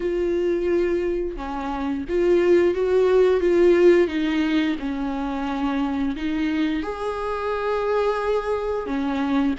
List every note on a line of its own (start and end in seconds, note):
0.00 1.36 F4
1.36 2.04 C#4
2.08 2.74 F4
2.74 3.40 F#4
3.40 4.07 F4
4.07 4.75 D#4
4.79 6.15 C#4
6.16 6.82 D#4
6.82 8.86 G#4
8.86 9.54 C#4